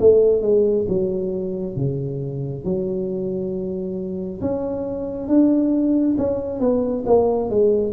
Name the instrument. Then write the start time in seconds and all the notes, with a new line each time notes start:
tuba
0.00 A3
0.42 G#3
0.89 F#3
1.76 C#3
2.64 F#3
4.41 C#4
5.28 D4
6.18 C#4
6.60 B3
7.06 A#3
7.50 G#3